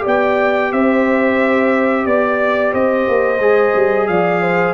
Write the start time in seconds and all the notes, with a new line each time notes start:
0.00 G4 D5
0.06 B3 G5
0.72 C4 C5 E5
2.06 B3 D5
2.73 C4 C5 D#5
3.08 A#3
3.39 G#3 G#4
3.75 G3
4.07 F3 D5 F5
4.42 C5